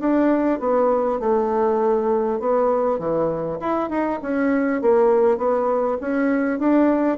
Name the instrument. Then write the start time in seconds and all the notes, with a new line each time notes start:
bassoon
0.00 D4
0.60 B3
1.20 A3
2.40 B3
2.99 E3
3.60 E4
3.90 D#4
4.22 C#4
4.82 A#3
5.38 B3
6.01 C#4
6.59 D4